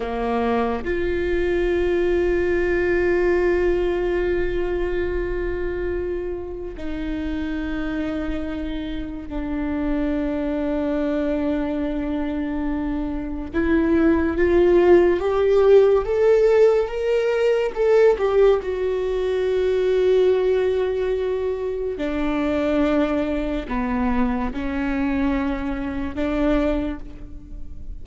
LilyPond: \new Staff \with { instrumentName = "viola" } { \time 4/4 \tempo 4 = 71 ais4 f'2.~ | f'1 | dis'2. d'4~ | d'1 |
e'4 f'4 g'4 a'4 | ais'4 a'8 g'8 fis'2~ | fis'2 d'2 | b4 cis'2 d'4 | }